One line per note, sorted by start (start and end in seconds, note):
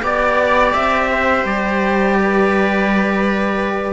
0.00 0.74 B3
0.00 3.93 G4
0.00 1.10 D5
0.00 0.74 D5
0.74 1.44 C4
0.74 1.45 E5
1.10 2.17 C5
1.44 3.93 G3
1.44 3.93 D5
2.19 3.93 B4